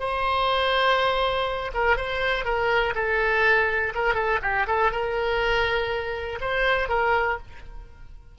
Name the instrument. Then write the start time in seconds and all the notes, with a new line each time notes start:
oboe
0.00 C5
1.74 A#4
1.97 C5
2.45 A#4
2.95 A4
3.95 A#4
4.15 A4
4.42 G4
4.67 A4
4.92 A#4
6.41 C5
6.89 A#4